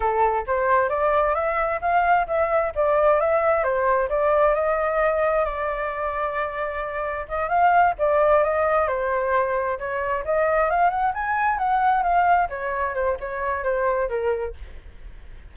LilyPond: \new Staff \with { instrumentName = "flute" } { \time 4/4 \tempo 4 = 132 a'4 c''4 d''4 e''4 | f''4 e''4 d''4 e''4 | c''4 d''4 dis''2 | d''1 |
dis''8 f''4 d''4 dis''4 c''8~ | c''4. cis''4 dis''4 f''8 | fis''8 gis''4 fis''4 f''4 cis''8~ | cis''8 c''8 cis''4 c''4 ais'4 | }